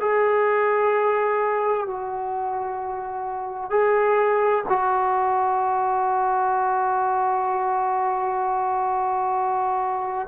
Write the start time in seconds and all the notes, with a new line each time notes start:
0.00 G#4
1.87 F#4
3.70 G#4
4.69 F#4